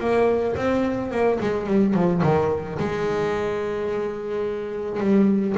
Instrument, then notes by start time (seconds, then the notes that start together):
double bass
0.00 A#3
0.56 C4
1.11 A#3
1.40 G#3
1.66 G3
1.94 F3
2.23 D#3
2.79 G#3
5.00 G3